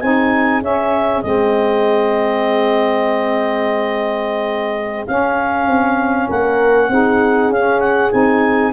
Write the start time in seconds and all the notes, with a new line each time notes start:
0.00 C4 D#4 G#4 G#5
0.61 C#4 E5
1.22 G#3 C4 D#5
5.07 C#4 F5
5.67 C4
6.28 A#3 A#4 F#5
6.89 C4 D#4 G#4
7.50 C#4 F5
7.56 C#4
7.80 F#5
8.11 C4 D#4 G#5